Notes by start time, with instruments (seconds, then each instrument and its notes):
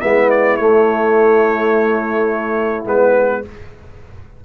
0.00 tuba G#3, trombone B3, horn E4, trumpet E5
0.30 trumpet D5
0.56 tuba A3, trombone A3, trumpet C#5
2.85 tuba G#3, trombone B3, trumpet B4